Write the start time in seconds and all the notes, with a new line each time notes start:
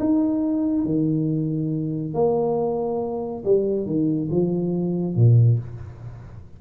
0.00 D#4
0.86 D#3
2.14 A#3
3.45 G3
3.86 D#3
4.31 F3
5.16 A#2